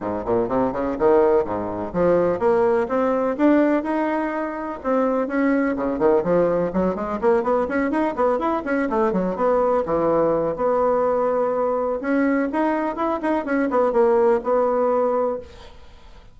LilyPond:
\new Staff \with { instrumentName = "bassoon" } { \time 4/4 \tempo 4 = 125 gis,8 ais,8 c8 cis8 dis4 gis,4 | f4 ais4 c'4 d'4 | dis'2 c'4 cis'4 | cis8 dis8 f4 fis8 gis8 ais8 b8 |
cis'8 dis'8 b8 e'8 cis'8 a8 fis8 b8~ | b8 e4. b2~ | b4 cis'4 dis'4 e'8 dis'8 | cis'8 b8 ais4 b2 | }